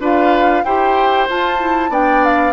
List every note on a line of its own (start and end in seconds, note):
0.00 0.63 D4
0.00 0.64 F4
0.00 0.64 B4
0.00 0.64 F5
0.64 1.28 E4
0.64 1.29 G4
0.64 1.90 C5
0.64 1.27 G5
1.29 1.59 F4
1.29 1.89 F4
1.29 1.93 A5
1.59 1.90 E4
1.89 2.52 B3
1.89 2.53 D4
1.89 2.53 D5
1.89 2.24 G5
2.24 2.53 F5